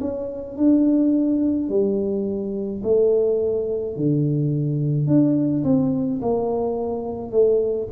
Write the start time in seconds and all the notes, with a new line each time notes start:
0.00 C#4
0.57 D4
1.69 G3
2.83 A3
3.96 D3
5.06 D4
5.63 C4
6.22 A#3
7.31 A3